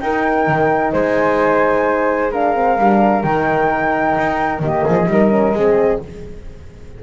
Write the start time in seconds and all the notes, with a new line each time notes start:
0.00 D#4 A#4 G5
0.47 D#3
0.93 G#3 C5 G#5
2.31 D4 A#4 F5
2.55 C4
2.78 G3 D4
3.23 D#3 D#4 G5
4.18 D#4
4.59 D#3 A#3 G4 D#5
4.85 F3 G#4
5.06 G3 D#4 A#4
5.30 C#4
5.52 G#3 C4 G#4